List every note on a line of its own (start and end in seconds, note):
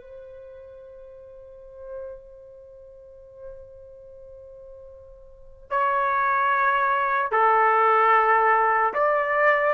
0.00 5.68 C5
5.70 7.31 C#5
7.31 8.93 A4
8.93 9.73 D5